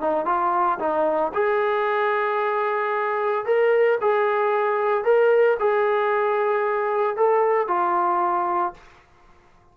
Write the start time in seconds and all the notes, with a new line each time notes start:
0.00 D#4
0.25 F4
0.79 D#4
1.33 G#4
3.45 A#4
4.00 G#4
5.04 A#4
5.59 G#4
7.16 A4
7.67 F4